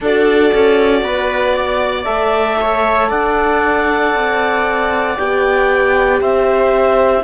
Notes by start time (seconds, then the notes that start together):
0.00 D4 F#4 A4 D5
0.53 C#4
1.02 B3 B4
1.54 D5
2.04 A3 A4 E5
2.60 C#5
3.08 D4 D5 F#5
4.14 C4
5.17 B3 G4 G5
6.20 C4 C5 E5